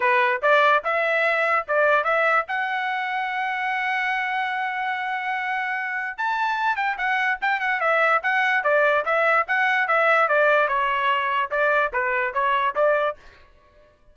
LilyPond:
\new Staff \with { instrumentName = "trumpet" } { \time 4/4 \tempo 4 = 146 b'4 d''4 e''2 | d''4 e''4 fis''2~ | fis''1~ | fis''2. a''4~ |
a''8 g''8 fis''4 g''8 fis''8 e''4 | fis''4 d''4 e''4 fis''4 | e''4 d''4 cis''2 | d''4 b'4 cis''4 d''4 | }